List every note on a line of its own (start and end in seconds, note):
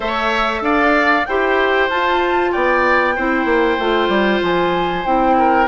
0.00 0.61 A3
0.00 1.23 A4
0.00 0.61 C#5
0.00 0.63 E5
0.61 1.24 D4
0.61 1.27 D5
0.61 1.25 F5
1.25 1.89 E4
1.25 1.90 G4
1.25 2.51 C5
1.25 1.88 G5
1.89 2.52 F4
1.89 3.16 F4
1.89 2.52 A5
2.51 3.17 B3
2.51 3.14 D5
2.51 4.41 G5
3.15 3.45 C4
3.15 3.79 E4
3.15 5.36 C5
3.45 3.76 A#3
3.78 4.08 A3
3.78 5.05 F4
4.08 4.39 G3
4.41 5.05 F3
4.41 5.05 G#5
5.05 5.67 C4
5.05 5.67 E4
5.05 5.67 G5
5.37 5.67 A#4